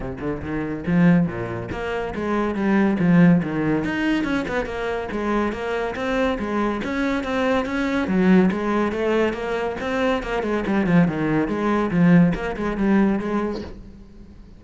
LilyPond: \new Staff \with { instrumentName = "cello" } { \time 4/4 \tempo 4 = 141 c8 d8 dis4 f4 ais,4 | ais4 gis4 g4 f4 | dis4 dis'4 cis'8 b8 ais4 | gis4 ais4 c'4 gis4 |
cis'4 c'4 cis'4 fis4 | gis4 a4 ais4 c'4 | ais8 gis8 g8 f8 dis4 gis4 | f4 ais8 gis8 g4 gis4 | }